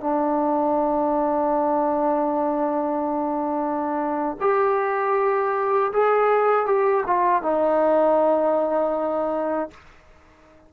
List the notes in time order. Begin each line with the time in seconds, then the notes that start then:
0.00 D4
4.40 G4
5.93 G#4
6.66 G4
7.06 F4
7.42 D#4